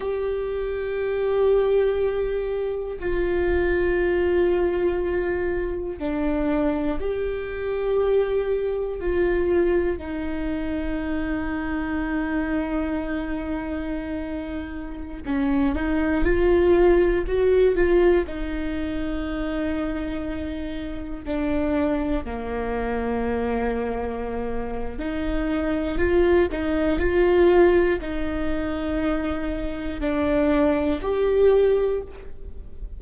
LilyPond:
\new Staff \with { instrumentName = "viola" } { \time 4/4 \tempo 4 = 60 g'2. f'4~ | f'2 d'4 g'4~ | g'4 f'4 dis'2~ | dis'2.~ dis'16 cis'8 dis'16~ |
dis'16 f'4 fis'8 f'8 dis'4.~ dis'16~ | dis'4~ dis'16 d'4 ais4.~ ais16~ | ais4 dis'4 f'8 dis'8 f'4 | dis'2 d'4 g'4 | }